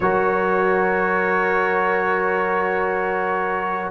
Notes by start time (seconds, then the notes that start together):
0.00 F#3 F#4 A#4 C#5